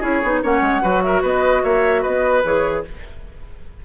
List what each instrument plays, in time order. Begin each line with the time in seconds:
0.00 bassoon C#4, clarinet E4, oboe G#4, flute C#5
0.23 bassoon B3, clarinet D#4
0.43 bassoon A#3, clarinet C#4, oboe C#5, flute F#5
0.61 bassoon G#3
0.82 bassoon F#3, clarinet F#4, oboe B4
1.02 oboe A#4, flute E5
1.22 bassoon B3, oboe B4, flute D#5
1.64 bassoon A#3, oboe C#5, flute E5
2.02 bassoon B3, oboe B4, flute D#5
2.44 bassoon E3, clarinet G#4, flute C#5